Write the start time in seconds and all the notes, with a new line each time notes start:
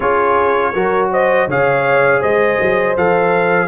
0.00 C#4 F4 G#4 C#5
0.73 F#3 F#4 A#4
1.11 C5 D#5
1.47 C#3 G#4 C#5 F5
2.21 G#3 C5 D#5
2.60 F#3
2.96 F3 A4 F5